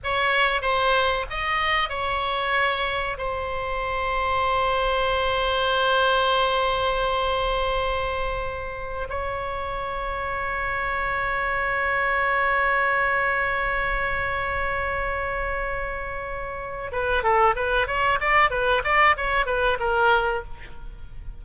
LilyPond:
\new Staff \with { instrumentName = "oboe" } { \time 4/4 \tempo 4 = 94 cis''4 c''4 dis''4 cis''4~ | cis''4 c''2.~ | c''1~ | c''2~ c''16 cis''4.~ cis''16~ |
cis''1~ | cis''1~ | cis''2~ cis''8 b'8 a'8 b'8 | cis''8 d''8 b'8 d''8 cis''8 b'8 ais'4 | }